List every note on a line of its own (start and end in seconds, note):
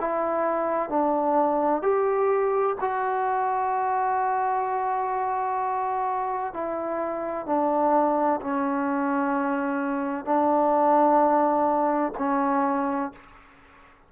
0.00 0.89 E4
0.89 1.82 D4
1.82 2.76 G4
2.81 6.53 F#4
6.53 7.47 E4
7.47 8.40 D4
8.41 10.25 C#4
10.25 12.13 D4
12.18 13.12 C#4